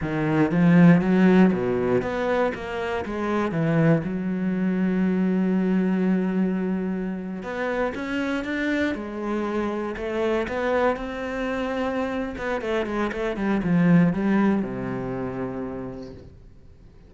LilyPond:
\new Staff \with { instrumentName = "cello" } { \time 4/4 \tempo 4 = 119 dis4 f4 fis4 b,4 | b4 ais4 gis4 e4 | fis1~ | fis2~ fis8. b4 cis'16~ |
cis'8. d'4 gis2 a16~ | a8. b4 c'2~ c'16~ | c'8 b8 a8 gis8 a8 g8 f4 | g4 c2. | }